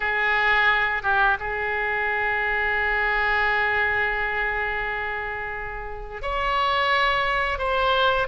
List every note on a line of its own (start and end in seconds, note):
0.00 1.03 G#4
1.03 1.37 G4
1.39 6.22 G#4
6.22 7.58 C#5
7.58 8.27 C5